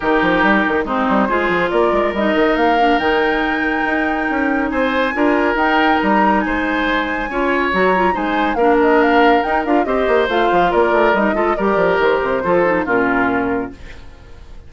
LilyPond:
<<
  \new Staff \with { instrumentName = "flute" } { \time 4/4 \tempo 4 = 140 ais'2 c''2 | d''4 dis''4 f''4 g''4~ | g''2. gis''4~ | gis''4 g''4 ais''4 gis''4~ |
gis''2 ais''4 gis''4 | f''8 dis''8 f''4 g''8 f''8 dis''4 | f''4 d''4 dis''4 d''4 | c''2 ais'2 | }
  \new Staff \with { instrumentName = "oboe" } { \time 4/4 g'2 dis'4 gis'4 | ais'1~ | ais'2. c''4 | ais'2. c''4~ |
c''4 cis''2 c''4 | ais'2. c''4~ | c''4 ais'4. a'8 ais'4~ | ais'4 a'4 f'2 | }
  \new Staff \with { instrumentName = "clarinet" } { \time 4/4 dis'2 c'4 f'4~ | f'4 dis'4. d'8 dis'4~ | dis'1 | f'4 dis'2.~ |
dis'4 f'4 fis'8 f'8 dis'4 | d'2 dis'8 f'8 g'4 | f'2 dis'8 f'8 g'4~ | g'4 f'8 dis'8 cis'2 | }
  \new Staff \with { instrumentName = "bassoon" } { \time 4/4 dis8 f8 g8 dis8 gis8 g8 gis8 f8 | ais8 gis8 g8 dis8 ais4 dis4~ | dis4 dis'4 cis'4 c'4 | d'4 dis'4 g4 gis4~ |
gis4 cis'4 fis4 gis4 | ais2 dis'8 d'8 c'8 ais8 | a8 f8 ais8 a8 g8 gis8 g8 f8 | dis8 c8 f4 ais,2 | }
>>